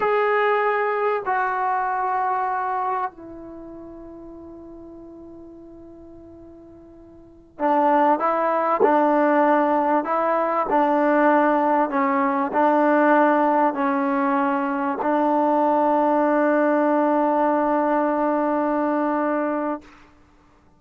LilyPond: \new Staff \with { instrumentName = "trombone" } { \time 4/4 \tempo 4 = 97 gis'2 fis'2~ | fis'4 e'2.~ | e'1~ | e'16 d'4 e'4 d'4.~ d'16~ |
d'16 e'4 d'2 cis'8.~ | cis'16 d'2 cis'4.~ cis'16~ | cis'16 d'2.~ d'8.~ | d'1 | }